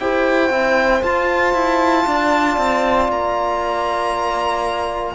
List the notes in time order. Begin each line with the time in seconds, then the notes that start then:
0.00 E4 G4 C5 G5
0.50 C4 E4
1.03 F4 A5
1.54 E4
2.07 D4 D5
2.58 C4
3.09 A#3 A#5